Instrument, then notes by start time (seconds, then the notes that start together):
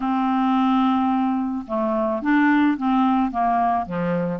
clarinet
0.00 C4
1.67 A3
2.22 D4
2.77 C4
3.31 A#3
3.86 F3